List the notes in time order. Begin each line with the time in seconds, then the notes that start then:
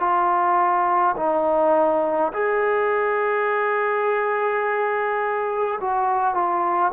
0.00 F4
1.17 D#4
2.33 G#4
5.81 F#4
6.35 F4